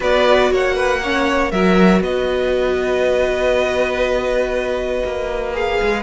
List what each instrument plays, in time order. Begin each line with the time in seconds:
0.00 cello B3, viola F#4, violin B4 D5
0.51 cello A#3, violin C#5 F#5
0.74 violin B4
1.02 viola C#4, violin C#5
1.51 cello F#3, viola F#4, violin A#4 E5
2.00 cello B3, violin B4 D#5
5.05 cello A#3
5.53 viola G#4, violin F5
5.81 cello G#3